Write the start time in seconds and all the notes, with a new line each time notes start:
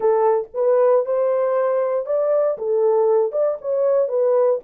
0.00 A4
0.54 B4
1.05 C5
2.06 D5
2.58 A4
3.32 D5
3.61 C#5
4.08 B4